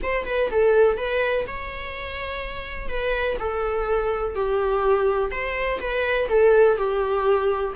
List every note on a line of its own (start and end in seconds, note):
0.02 0.25 C5
0.25 0.49 B4
0.50 0.97 A4
0.97 1.45 B4
1.47 2.88 C#5
2.88 3.37 B4
3.39 4.35 A4
4.35 5.31 G4
5.31 5.79 C5
5.80 6.28 B4
6.28 6.77 A4
6.77 7.74 G4